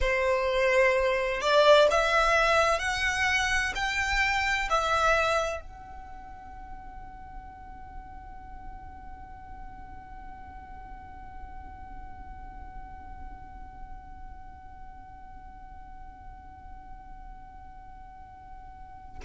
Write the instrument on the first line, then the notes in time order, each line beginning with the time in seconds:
violin
0.00 C5
1.41 D5
1.90 E5
2.79 F#5
3.75 G5
4.69 E5
5.60 F#5